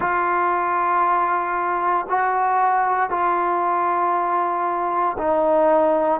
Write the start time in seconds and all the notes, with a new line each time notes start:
0.00 F4
2.09 F#4
3.10 F4
5.18 D#4